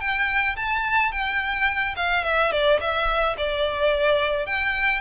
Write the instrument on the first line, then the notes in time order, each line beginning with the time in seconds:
violin
0.00 G5
0.56 A5
1.11 G5
1.96 F5
2.23 E5
2.52 D5
2.80 E5
3.37 D5
4.46 G5